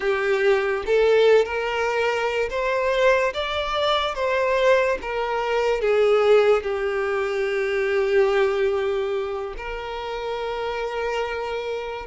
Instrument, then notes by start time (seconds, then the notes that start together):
violin
0.00 G4
0.86 A4
1.45 A#4
2.50 C5
3.33 D5
4.14 C5
5.01 A#4
5.81 G#4
6.62 G4
9.57 A#4